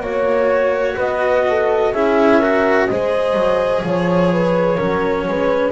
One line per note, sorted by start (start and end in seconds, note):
0.00 0.95 A#3
0.00 1.94 F#4
0.00 0.96 C#5
0.06 0.99 C#5
0.96 1.93 B3
0.96 1.44 B4
0.96 1.93 D#5
1.49 1.93 A4
1.93 2.88 C#4
1.93 2.42 E4
1.93 2.39 G#4
1.93 2.87 E5
2.39 2.89 F#4
2.39 2.87 A#4
2.87 3.34 G#3
2.87 4.78 G#4
2.87 3.86 C5
2.87 3.82 D#5
3.34 3.82 F#3
3.83 4.78 F3
3.83 5.72 C#5
3.83 4.32 C#5
4.32 4.78 B4
4.78 5.28 F#3
4.78 5.72 C#4
4.78 5.25 A#4
5.28 5.72 G#3
5.28 5.72 B4